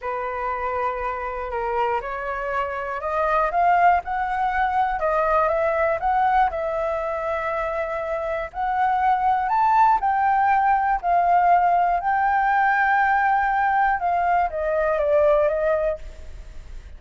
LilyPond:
\new Staff \with { instrumentName = "flute" } { \time 4/4 \tempo 4 = 120 b'2. ais'4 | cis''2 dis''4 f''4 | fis''2 dis''4 e''4 | fis''4 e''2.~ |
e''4 fis''2 a''4 | g''2 f''2 | g''1 | f''4 dis''4 d''4 dis''4 | }